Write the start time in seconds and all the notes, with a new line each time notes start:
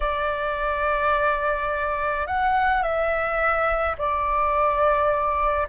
0.00 D5
2.26 F#5
2.83 E5
3.98 D5